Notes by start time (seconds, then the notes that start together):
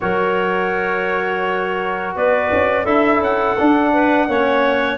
0.00 F#3 F#4 A#4 C#5
2.15 B3 B4 D5
2.52 C#4
2.84 D4 E4 A4 E5
3.18 C#4 F#5
3.58 D4
3.92 B4
4.28 A#3 C#4 C#5